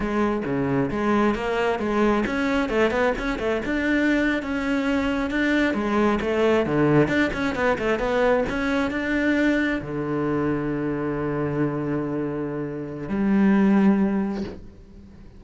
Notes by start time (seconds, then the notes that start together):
0.00 G#3
0.45 C#3
0.90 G#3
1.34 A#3
1.79 G#3
2.26 C#4
2.69 A3
2.90 B3
3.18 C#4
3.39 A3
3.65 D4
4.42 C#4
5.30 D4
5.74 G#3
6.21 A3
6.66 D3
7.07 D4
7.33 C#4
7.55 B3
7.78 A3
7.99 B3
8.49 C#4
8.90 D4
9.81 D3
13.08 G3